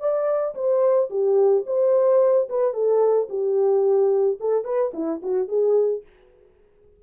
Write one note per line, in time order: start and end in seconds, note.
0.00 0.55 D5
0.55 1.09 C5
1.10 1.65 G4
1.66 2.48 C5
2.49 2.74 B4
2.74 3.28 A4
3.29 4.38 G4
4.40 4.65 A4
4.65 4.92 B4
4.94 5.21 E4
5.22 5.48 F#4
5.48 6.03 G#4